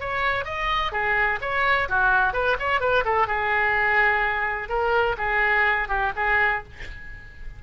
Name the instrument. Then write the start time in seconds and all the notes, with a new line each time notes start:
oboe
0.00 C#5
0.45 D#5
0.92 G#4
1.41 C#5
1.89 F#4
2.33 B4
2.59 C#5
2.80 B4
3.05 A4
3.27 G#4
4.69 A#4
5.18 G#4
5.88 G4
6.16 G#4